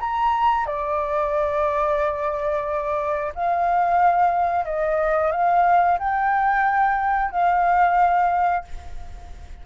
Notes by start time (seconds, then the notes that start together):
0.00 A#5
0.66 D5
3.35 F5
4.65 D#5
5.32 F5
5.99 G5
7.31 F5